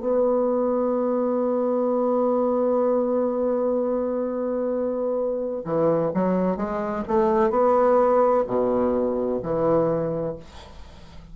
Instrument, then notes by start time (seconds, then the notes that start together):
bassoon
0.00 B3
5.64 E3
6.14 F#3
6.56 G#3
7.07 A3
7.50 B3
8.46 B2
9.42 E3